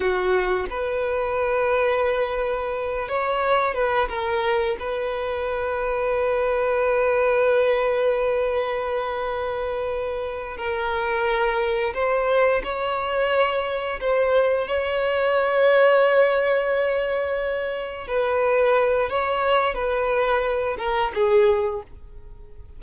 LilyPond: \new Staff \with { instrumentName = "violin" } { \time 4/4 \tempo 4 = 88 fis'4 b'2.~ | b'8 cis''4 b'8 ais'4 b'4~ | b'1~ | b'2.~ b'8 ais'8~ |
ais'4. c''4 cis''4.~ | cis''8 c''4 cis''2~ cis''8~ | cis''2~ cis''8 b'4. | cis''4 b'4. ais'8 gis'4 | }